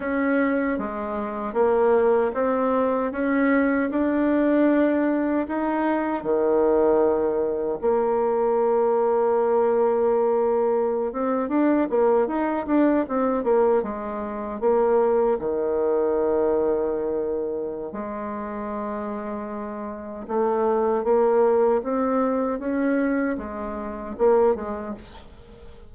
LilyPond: \new Staff \with { instrumentName = "bassoon" } { \time 4/4 \tempo 4 = 77 cis'4 gis4 ais4 c'4 | cis'4 d'2 dis'4 | dis2 ais2~ | ais2~ ais16 c'8 d'8 ais8 dis'16~ |
dis'16 d'8 c'8 ais8 gis4 ais4 dis16~ | dis2. gis4~ | gis2 a4 ais4 | c'4 cis'4 gis4 ais8 gis8 | }